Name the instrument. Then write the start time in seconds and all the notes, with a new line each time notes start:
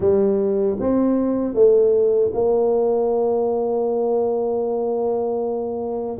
tuba
0.00 G3
0.79 C4
1.54 A3
2.33 A#3